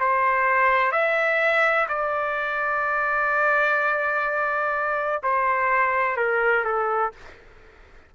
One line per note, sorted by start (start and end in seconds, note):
0.00 0.92 C5
0.92 1.87 E5
1.89 5.23 D5
5.23 6.17 C5
6.17 6.65 A#4
6.65 7.13 A4